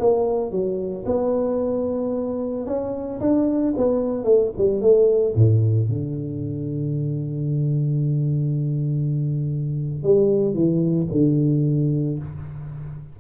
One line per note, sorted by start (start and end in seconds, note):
0.00 0.52 A#3
0.52 1.05 F#3
1.06 2.67 B3
2.67 3.20 C#4
3.20 3.74 D4
3.77 4.24 B3
4.24 4.51 A3
4.58 4.81 G3
4.81 5.35 A3
5.35 5.89 A2
5.89 10.03 D3
10.03 10.54 G3
10.54 11.07 E3
11.12 12.19 D3